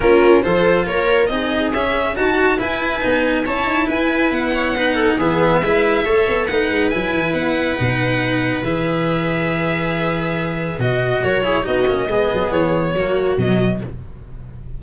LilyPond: <<
  \new Staff \with { instrumentName = "violin" } { \time 4/4 \tempo 4 = 139 ais'4 c''4 cis''4 dis''4 | e''4 a''4 gis''2 | a''4 gis''4 fis''2 | e''2. fis''4 |
gis''4 fis''2. | e''1~ | e''4 dis''4 cis''4 dis''4~ | dis''4 cis''2 dis''4 | }
  \new Staff \with { instrumentName = "viola" } { \time 4/4 f'4 a'4 ais'4 gis'4~ | gis'4 fis'4 b'2 | cis''4 b'4. cis''8 b'8 a'8 | gis'4 b'4 cis''4 b'4~ |
b'1~ | b'1~ | b'2 ais'8 gis'8 fis'4 | gis'2 fis'2 | }
  \new Staff \with { instrumentName = "cello" } { \time 4/4 cis'4 f'2 dis'4 | cis'4 fis'4 e'4 dis'4 | e'2. dis'4 | b4 e'4 a'4 dis'4 |
e'2 dis'2 | gis'1~ | gis'4 fis'4. e'8 dis'8 cis'8 | b2 ais4 fis4 | }
  \new Staff \with { instrumentName = "tuba" } { \time 4/4 ais4 f4 ais4 c'4 | cis'4 dis'4 e'4 b4 | cis'8 dis'8 e'4 b2 | e4 gis4 a8 b8 a8 gis8 |
fis8 e8 b4 b,2 | e1~ | e4 b,4 fis4 b8 ais8 | gis8 fis8 e4 fis4 b,4 | }
>>